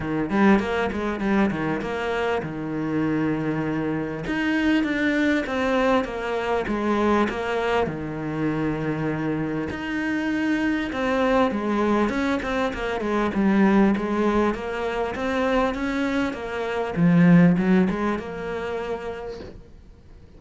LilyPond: \new Staff \with { instrumentName = "cello" } { \time 4/4 \tempo 4 = 99 dis8 g8 ais8 gis8 g8 dis8 ais4 | dis2. dis'4 | d'4 c'4 ais4 gis4 | ais4 dis2. |
dis'2 c'4 gis4 | cis'8 c'8 ais8 gis8 g4 gis4 | ais4 c'4 cis'4 ais4 | f4 fis8 gis8 ais2 | }